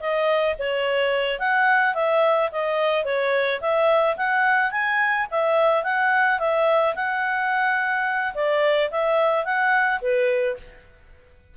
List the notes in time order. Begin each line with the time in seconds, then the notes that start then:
0.00 D#5
0.59 C#5
1.39 F#5
1.94 E5
2.52 D#5
3.05 C#5
3.61 E5
4.17 F#5
4.71 G#5
5.31 E5
5.83 F#5
6.39 E5
6.95 F#5
8.34 D5
8.91 E5
9.44 F#5
10.01 B4